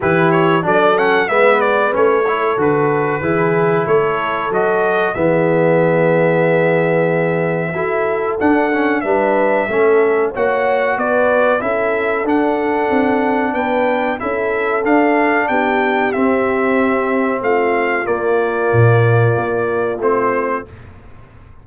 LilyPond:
<<
  \new Staff \with { instrumentName = "trumpet" } { \time 4/4 \tempo 4 = 93 b'8 cis''8 d''8 fis''8 e''8 d''8 cis''4 | b'2 cis''4 dis''4 | e''1~ | e''4 fis''4 e''2 |
fis''4 d''4 e''4 fis''4~ | fis''4 g''4 e''4 f''4 | g''4 e''2 f''4 | d''2. c''4 | }
  \new Staff \with { instrumentName = "horn" } { \time 4/4 g'4 a'4 b'4. a'8~ | a'4 gis'4 a'2 | gis'1 | a'2 b'4 a'4 |
cis''4 b'4 a'2~ | a'4 b'4 a'2 | g'2. f'4~ | f'1 | }
  \new Staff \with { instrumentName = "trombone" } { \time 4/4 e'4 d'8 cis'8 b4 cis'8 e'8 | fis'4 e'2 fis'4 | b1 | e'4 d'8 cis'8 d'4 cis'4 |
fis'2 e'4 d'4~ | d'2 e'4 d'4~ | d'4 c'2. | ais2. c'4 | }
  \new Staff \with { instrumentName = "tuba" } { \time 4/4 e4 fis4 gis4 a4 | d4 e4 a4 fis4 | e1 | fis'4 d'4 g4 a4 |
ais4 b4 cis'4 d'4 | c'4 b4 cis'4 d'4 | b4 c'2 a4 | ais4 ais,4 ais4 a4 | }
>>